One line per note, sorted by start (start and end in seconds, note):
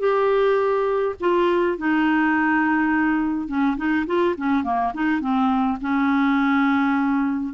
0.00 1.15 G4
1.21 1.78 F4
1.79 3.48 D#4
3.48 3.77 C#4
3.78 4.06 D#4
4.07 4.36 F4
4.38 4.64 C#4
4.64 4.93 A#3
4.95 5.21 D#4
5.21 5.79 C4
5.82 7.54 C#4